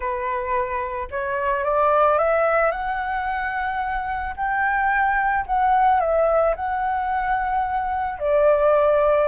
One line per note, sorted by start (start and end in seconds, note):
0.00 1.08 B4
1.10 1.64 C#5
1.64 2.18 D5
2.18 2.71 E5
2.71 4.34 F#5
4.36 5.45 G5
5.46 6.00 F#5
6.00 6.54 E5
6.55 8.19 F#5
8.19 9.28 D5